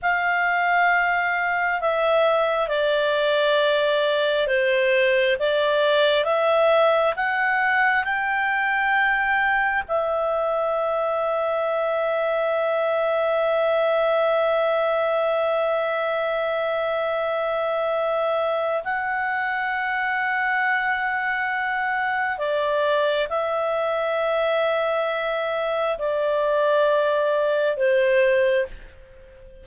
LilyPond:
\new Staff \with { instrumentName = "clarinet" } { \time 4/4 \tempo 4 = 67 f''2 e''4 d''4~ | d''4 c''4 d''4 e''4 | fis''4 g''2 e''4~ | e''1~ |
e''1~ | e''4 fis''2.~ | fis''4 d''4 e''2~ | e''4 d''2 c''4 | }